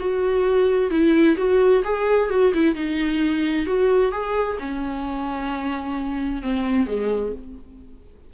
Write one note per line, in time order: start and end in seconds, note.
0.00 0.91 F#4
0.91 1.36 E4
1.37 1.83 F#4
1.84 2.30 G#4
2.30 2.53 F#4
2.54 2.75 E4
2.75 3.66 D#4
3.66 4.12 F#4
4.12 4.58 G#4
4.59 6.42 C#4
6.42 6.87 C4
6.87 7.32 G#3